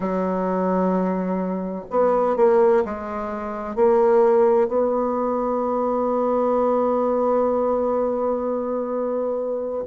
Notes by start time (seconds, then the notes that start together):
0.00 F#3
1.90 B3
2.36 A#3
2.85 G#3
3.75 A#3
4.68 B3